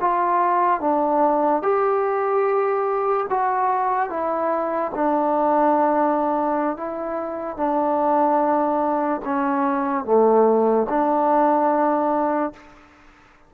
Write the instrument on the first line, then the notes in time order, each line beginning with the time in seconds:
trombone
0.00 F4
0.80 D4
1.62 G4
3.30 F#4
4.09 E4
4.94 D4
6.77 E4
7.57 D4
9.24 C#4
10.05 A3
10.89 D4